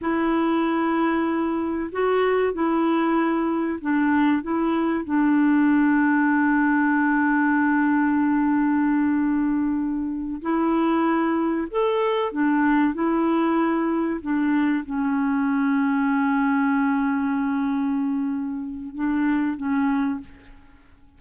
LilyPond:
\new Staff \with { instrumentName = "clarinet" } { \time 4/4 \tempo 4 = 95 e'2. fis'4 | e'2 d'4 e'4 | d'1~ | d'1~ |
d'8 e'2 a'4 d'8~ | d'8 e'2 d'4 cis'8~ | cis'1~ | cis'2 d'4 cis'4 | }